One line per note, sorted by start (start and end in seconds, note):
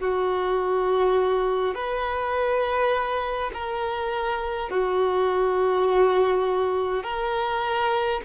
0.00 1.74 F#4
1.74 3.51 B4
3.53 4.70 A#4
4.70 7.03 F#4
7.03 8.21 A#4